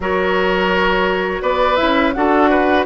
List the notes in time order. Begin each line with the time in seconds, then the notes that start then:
0.00 F#3 F#4 A#4 C#5
1.42 B3 B4 D5
1.75 E4 E5
1.82 C#4
2.13 D4 F#4 A4 F#5
2.50 B4